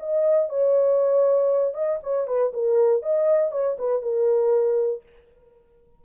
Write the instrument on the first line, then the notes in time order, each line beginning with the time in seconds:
horn
0.00 D#5
0.49 C#5
1.74 D#5
2.03 C#5
2.27 B4
2.53 A#4
3.03 D#5
3.52 C#5
3.79 B4
4.02 A#4